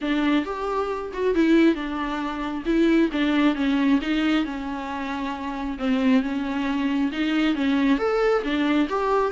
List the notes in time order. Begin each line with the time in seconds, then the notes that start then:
0.01 D4
0.45 G4
1.13 F#4
1.34 E4
1.74 D4
2.65 E4
3.12 D4
3.55 C#4
4.01 D#4
4.44 C#4
5.78 C4
6.22 C#4
7.12 D#4
7.55 C#4
7.98 A4
8.43 D4
8.89 G4